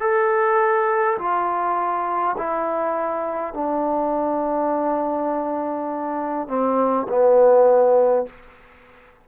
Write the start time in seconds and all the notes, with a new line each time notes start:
0.00 A4
1.18 F4
2.37 E4
3.54 D4
6.48 C4
7.09 B3